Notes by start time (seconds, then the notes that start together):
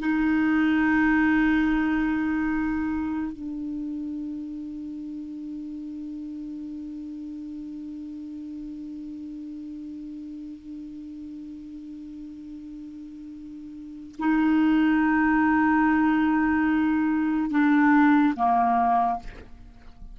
0.00 D#4
3.33 D4
14.19 D#4
17.51 D4
18.36 A#3